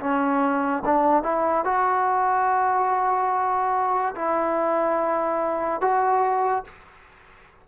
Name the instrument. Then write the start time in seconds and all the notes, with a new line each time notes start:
trombone
0.00 C#4
0.85 D4
1.23 E4
1.65 F#4
4.16 E4
5.81 F#4